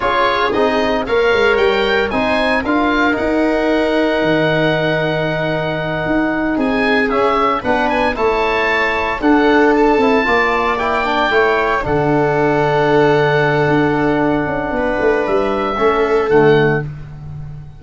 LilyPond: <<
  \new Staff \with { instrumentName = "oboe" } { \time 4/4 \tempo 4 = 114 cis''4 dis''4 f''4 g''4 | gis''4 f''4 fis''2~ | fis''1~ | fis''8 gis''4 e''4 fis''8 gis''8 a''8~ |
a''4. fis''4 a''4.~ | a''8 g''2 fis''4.~ | fis''1~ | fis''4 e''2 fis''4 | }
  \new Staff \with { instrumentName = "viola" } { \time 4/4 gis'2 cis''2 | c''4 ais'2.~ | ais'1~ | ais'8 gis'2 b'4 cis''8~ |
cis''4. a'2 d''8~ | d''4. cis''4 a'4.~ | a'1 | b'2 a'2 | }
  \new Staff \with { instrumentName = "trombone" } { \time 4/4 f'4 dis'4 ais'2 | dis'4 f'4 dis'2~ | dis'1~ | dis'4. cis'4 d'4 e'8~ |
e'4. d'4. e'8 f'8~ | f'8 e'8 d'8 e'4 d'4.~ | d'1~ | d'2 cis'4 a4 | }
  \new Staff \with { instrumentName = "tuba" } { \time 4/4 cis'4 c'4 ais8 gis8 g4 | c'4 d'4 dis'2 | dis2.~ dis8 dis'8~ | dis'8 c'4 cis'4 b4 a8~ |
a4. d'4. c'8 ais8~ | ais4. a4 d4.~ | d2 d'4. cis'8 | b8 a8 g4 a4 d4 | }
>>